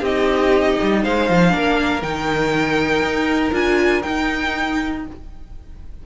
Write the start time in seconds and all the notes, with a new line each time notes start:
0.00 C4 D#4 G4 D#5
0.82 G3
1.03 G#3 C5 F5
1.30 F3
1.50 A#3 D4 A#4
2.02 D#3 D#4 G5
3.02 D#4
3.52 D4 F4 G#5
4.02 D#4 G5